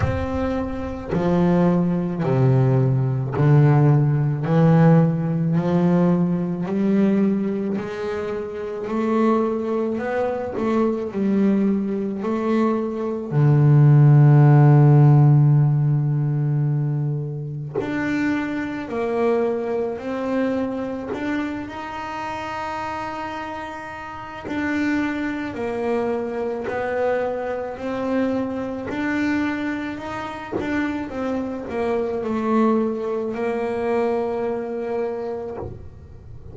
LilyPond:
\new Staff \with { instrumentName = "double bass" } { \time 4/4 \tempo 4 = 54 c'4 f4 c4 d4 | e4 f4 g4 gis4 | a4 b8 a8 g4 a4 | d1 |
d'4 ais4 c'4 d'8 dis'8~ | dis'2 d'4 ais4 | b4 c'4 d'4 dis'8 d'8 | c'8 ais8 a4 ais2 | }